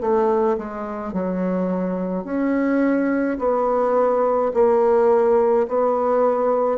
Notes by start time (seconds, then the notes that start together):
0.00 A3
0.58 G#3
1.13 F#3
2.24 C#4
3.38 B3
4.53 A#3
5.68 B3